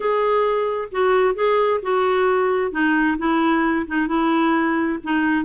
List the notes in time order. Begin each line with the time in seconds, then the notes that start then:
0.00 G#4
0.91 F#4
1.34 G#4
1.82 F#4
2.71 D#4
3.18 E4
3.87 D#4
4.07 E4
5.03 D#4